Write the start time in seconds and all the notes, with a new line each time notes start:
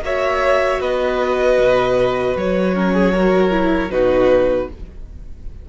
0.00 A#3 F#4 C#5 E5
0.80 B3 B4 D#5
1.58 B2
2.36 F#3 C#5
2.74 C#4 A#4
2.93 G#4
3.13 F#4 A#4
3.50 E4
3.89 B2 D#4 F#4 B4